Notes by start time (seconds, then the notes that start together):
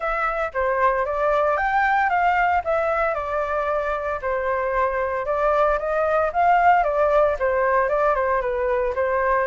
0.00 E5
0.53 C5
1.05 D5
1.57 G5
2.09 F5
2.64 E5
3.14 D5
4.21 C5
5.25 D5
5.78 D#5
6.33 F5
6.83 D5
7.39 C5
7.88 D5
8.15 C5
8.41 B4
8.95 C5